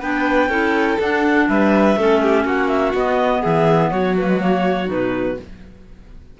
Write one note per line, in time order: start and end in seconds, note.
0.00 0.48 B3
0.00 0.50 D4
0.00 0.49 B4
0.00 0.99 G5
0.48 0.97 C#4
0.48 0.98 E4
0.48 1.47 A4
0.99 1.48 D4
0.99 1.97 D4
0.99 1.49 F#5
1.48 1.96 G3
1.48 1.98 B4
1.48 2.46 E5
1.96 2.45 A3
1.96 2.95 C#4
1.96 2.22 A4
2.22 2.45 G4
2.45 2.93 A#3
2.45 3.41 F#4
2.45 2.68 F#5
2.68 2.92 E5
2.93 3.42 B3
2.93 4.18 B3
2.93 3.43 D#5
3.41 3.92 E3
3.41 3.90 G#4
3.41 3.91 E5
3.91 4.89 F#3
3.91 5.38 F#4
3.91 4.15 C#5
4.17 4.28 A#3
4.17 4.41 B4
4.28 4.39 G#3
4.39 4.85 A#3
4.39 4.89 C#5
4.85 5.38 B2
4.85 5.34 D#4
4.85 5.40 B4